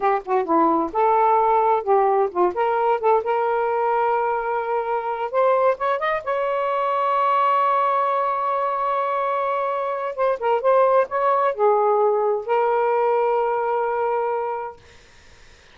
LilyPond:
\new Staff \with { instrumentName = "saxophone" } { \time 4/4 \tempo 4 = 130 g'8 fis'8 e'4 a'2 | g'4 f'8 ais'4 a'8 ais'4~ | ais'2.~ ais'8 c''8~ | c''8 cis''8 dis''8 cis''2~ cis''8~ |
cis''1~ | cis''2 c''8 ais'8 c''4 | cis''4 gis'2 ais'4~ | ais'1 | }